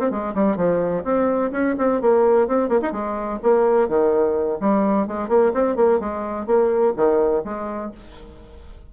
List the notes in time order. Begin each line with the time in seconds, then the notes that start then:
0.00 C4
0.11 G#3
0.35 G3
0.56 F3
1.04 C4
1.52 C#4
1.78 C4
2.02 A#3
2.48 C4
2.69 A#3
2.82 D#4
2.92 G#3
3.43 A#3
3.88 D#3
4.61 G3
5.07 G#3
5.29 A#3
5.54 C4
5.76 A#3
6.00 G#3
6.47 A#3
6.97 D#3
7.45 G#3